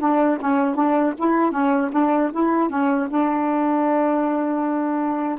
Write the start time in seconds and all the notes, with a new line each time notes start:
0.00 D4
0.41 C#4
0.76 D4
1.18 E4
1.52 C#4
1.93 D4
2.33 E4
2.70 C#4
3.10 D4